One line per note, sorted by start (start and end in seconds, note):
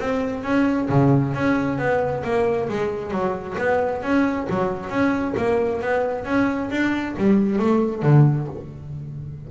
0.00 0.44 C4
0.44 0.89 C#4
0.90 1.34 C#3
1.35 1.78 C#4
1.78 2.23 B3
2.24 2.69 A#3
2.69 3.11 G#3
3.11 3.56 F#3
3.59 4.03 B3
4.03 4.48 C#4
4.50 4.90 F#3
4.90 5.34 C#4
5.37 5.81 A#3
5.81 6.25 B3
6.25 6.70 C#4
6.71 7.16 D4
7.18 7.59 G3
7.59 8.03 A3
8.03 8.48 D3